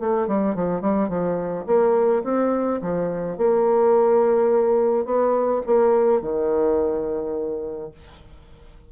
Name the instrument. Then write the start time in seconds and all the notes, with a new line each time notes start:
bassoon
0.00 A3
0.28 G3
0.55 F3
0.81 G3
1.09 F3
1.66 A#3
2.24 C4
2.82 F3
3.38 A#3
5.05 B3
5.66 A#3
6.21 D#3